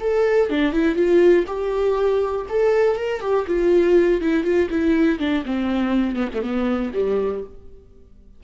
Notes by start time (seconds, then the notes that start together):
0.00 A4
0.50 D4
0.73 E4
0.96 F4
1.47 G4
2.49 A4
2.96 A#4
3.21 G4
3.47 F4
4.21 E4
4.44 F4
4.70 E4
5.19 D4
5.45 C4
6.16 B3
6.34 A3
6.42 B3
6.94 G3